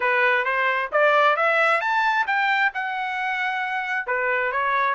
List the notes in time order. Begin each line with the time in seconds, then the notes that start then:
0.00 B4
0.44 C5
0.92 D5
1.36 E5
1.80 A5
2.27 G5
2.74 F#5
4.06 B4
4.52 C#5